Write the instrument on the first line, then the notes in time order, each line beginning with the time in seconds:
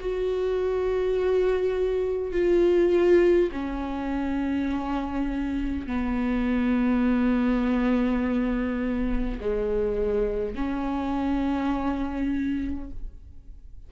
viola
0.00 F#4
2.32 F4
3.52 C#4
5.87 B3
9.40 G#3
10.55 C#4